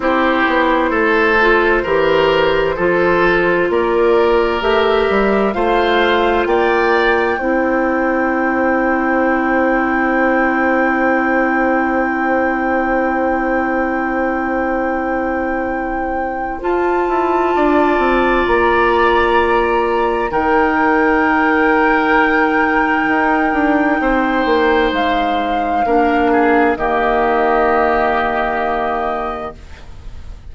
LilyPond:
<<
  \new Staff \with { instrumentName = "flute" } { \time 4/4 \tempo 4 = 65 c''1 | d''4 e''4 f''4 g''4~ | g''1~ | g''1~ |
g''2 a''2 | ais''2 g''2~ | g''2. f''4~ | f''4 dis''2. | }
  \new Staff \with { instrumentName = "oboe" } { \time 4/4 g'4 a'4 ais'4 a'4 | ais'2 c''4 d''4 | c''1~ | c''1~ |
c''2. d''4~ | d''2 ais'2~ | ais'2 c''2 | ais'8 gis'8 g'2. | }
  \new Staff \with { instrumentName = "clarinet" } { \time 4/4 e'4. f'8 g'4 f'4~ | f'4 g'4 f'2 | e'1~ | e'1~ |
e'2 f'2~ | f'2 dis'2~ | dis'1 | d'4 ais2. | }
  \new Staff \with { instrumentName = "bassoon" } { \time 4/4 c'8 b8 a4 e4 f4 | ais4 a8 g8 a4 ais4 | c'1~ | c'1~ |
c'2 f'8 e'8 d'8 c'8 | ais2 dis2~ | dis4 dis'8 d'8 c'8 ais8 gis4 | ais4 dis2. | }
>>